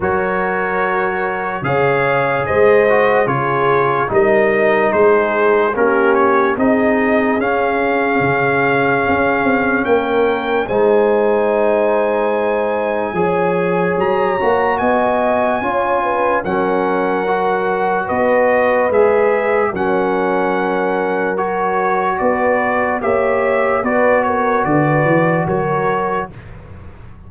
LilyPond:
<<
  \new Staff \with { instrumentName = "trumpet" } { \time 4/4 \tempo 4 = 73 cis''2 f''4 dis''4 | cis''4 dis''4 c''4 ais'8 cis''8 | dis''4 f''2. | g''4 gis''2.~ |
gis''4 ais''4 gis''2 | fis''2 dis''4 e''4 | fis''2 cis''4 d''4 | e''4 d''8 cis''8 d''4 cis''4 | }
  \new Staff \with { instrumentName = "horn" } { \time 4/4 ais'2 cis''4 c''4 | gis'4 ais'4 gis'4 g'4 | gis'1 | ais'4 c''2. |
cis''2 dis''4 cis''8 b'8 | ais'2 b'2 | ais'2. b'4 | cis''4 b'8 ais'8 b'4 ais'4 | }
  \new Staff \with { instrumentName = "trombone" } { \time 4/4 fis'2 gis'4. fis'8 | f'4 dis'2 cis'4 | dis'4 cis'2.~ | cis'4 dis'2. |
gis'4. fis'4. f'4 | cis'4 fis'2 gis'4 | cis'2 fis'2 | g'4 fis'2. | }
  \new Staff \with { instrumentName = "tuba" } { \time 4/4 fis2 cis4 gis4 | cis4 g4 gis4 ais4 | c'4 cis'4 cis4 cis'8 c'8 | ais4 gis2. |
f4 fis8 ais8 b4 cis'4 | fis2 b4 gis4 | fis2. b4 | ais4 b4 d8 e8 fis4 | }
>>